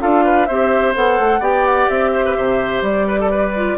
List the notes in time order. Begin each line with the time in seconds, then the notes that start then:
0.00 D4 F4 A4 F5
0.25 B4
0.46 C4 G4 C5 E5
0.95 B3 A4 F#5
1.20 A3
1.40 B3 G4 D5 G5
1.66 F#5
1.89 C4 E5
2.13 C5
2.25 B4
2.36 C3 C5
2.82 G3 D5
3.08 B4
3.20 A4
3.31 B4
3.56 F4